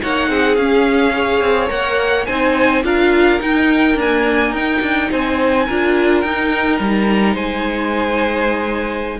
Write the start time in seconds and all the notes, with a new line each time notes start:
0.00 A#3 D#4 C#5 F#5
0.29 C4 G#4
0.56 C#4 F5
1.13 G#4 C#5
1.42 C4
1.68 A#3 A#4 F#5
2.26 C4 D#4 C5 G#5
2.83 D4 F4 A#4 F5
3.40 D#4 G5
3.95 A#3 D4 G#5
4.51 D#4 G5
4.82 D4
5.10 C4 C5 G#5
5.67 D4 F4 A#4
6.20 D#4 G5
6.80 G3 A#5
7.34 G#3 C5 G#5